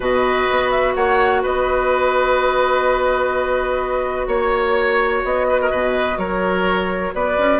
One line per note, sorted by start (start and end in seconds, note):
0.00 0.47 B2
0.00 7.59 F#4
0.00 0.93 B4
0.00 0.70 D#5
0.51 0.95 B3
0.70 0.94 E5
0.94 1.43 A#3
0.94 1.42 C#5
0.94 1.42 F#5
1.42 4.27 B3
1.42 4.27 B4
1.42 4.27 D#5
4.27 5.22 A#3
4.27 5.22 C#5
4.27 5.46 C#5
5.24 5.71 B3
5.24 6.18 D#5
5.49 5.60 B4
5.61 5.70 A#4
5.70 6.17 B2
5.70 6.18 B4
6.17 7.12 F#3
6.17 7.14 A#4
6.17 7.13 C#5
7.13 7.37 B3
7.13 7.59 B4
7.13 7.59 D5
7.37 7.59 C#4